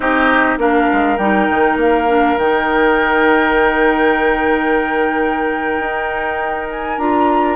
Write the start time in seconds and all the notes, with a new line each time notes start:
0.00 C4 D#4 G4 D#5
0.57 A#3 D4 A#4 F5
0.93 G#3
1.17 G3 D#4 G5
1.50 D#3
1.76 A#3 F5
2.07 D4
2.37 D#3 D#4 G5
5.79 D#4
6.70 G#5
6.98 D4 F4 A#5